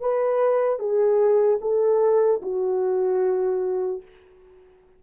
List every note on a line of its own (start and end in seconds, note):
0.00 0.79 B4
0.79 1.59 G#4
1.61 2.41 A4
2.42 4.02 F#4